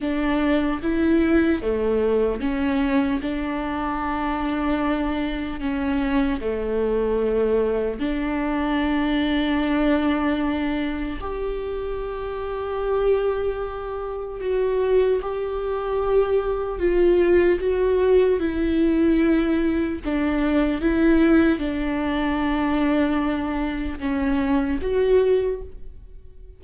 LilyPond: \new Staff \with { instrumentName = "viola" } { \time 4/4 \tempo 4 = 75 d'4 e'4 a4 cis'4 | d'2. cis'4 | a2 d'2~ | d'2 g'2~ |
g'2 fis'4 g'4~ | g'4 f'4 fis'4 e'4~ | e'4 d'4 e'4 d'4~ | d'2 cis'4 fis'4 | }